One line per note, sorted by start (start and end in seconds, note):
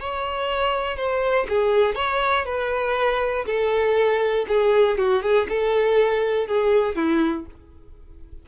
0.00 0.97 C#5
0.97 1.47 C5
1.49 1.95 G#4
1.95 2.45 C#5
2.45 3.45 B4
3.46 4.46 A4
4.48 4.98 G#4
4.98 5.22 F#4
5.22 5.47 G#4
5.49 6.47 A4
6.47 6.96 G#4
6.96 7.46 E4